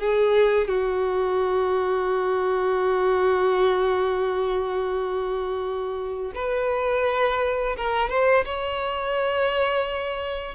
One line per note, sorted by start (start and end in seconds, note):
0.00 0.68 G#4
0.68 6.33 F#4
6.35 7.76 B4
7.77 8.10 A#4
8.10 8.45 C5
8.45 10.55 C#5